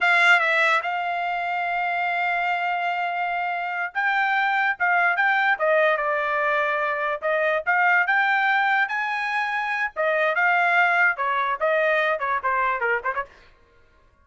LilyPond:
\new Staff \with { instrumentName = "trumpet" } { \time 4/4 \tempo 4 = 145 f''4 e''4 f''2~ | f''1~ | f''4. g''2 f''8~ | f''8 g''4 dis''4 d''4.~ |
d''4. dis''4 f''4 g''8~ | g''4. gis''2~ gis''8 | dis''4 f''2 cis''4 | dis''4. cis''8 c''4 ais'8 c''16 cis''16 | }